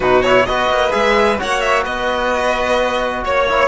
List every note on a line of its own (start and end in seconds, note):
0.00 0.45 B2
0.00 0.24 D#4
0.00 0.46 F#4
0.00 0.22 B4
0.22 0.47 E4
0.22 0.45 C#5
0.45 0.70 B3
0.45 0.90 F#4
0.45 1.39 B4
0.45 0.91 D#5
0.70 0.93 A#3
0.90 1.40 G#3
0.90 1.36 G#4
0.90 1.38 E5
1.38 1.86 A#3
1.38 3.46 F#4
1.38 1.83 C#5
1.38 1.60 F#5
1.60 1.83 E5
1.83 3.24 B3
1.83 3.21 B4
1.83 3.23 D#5
3.24 3.67 A#3
3.24 3.67 C#5
3.48 3.67 E4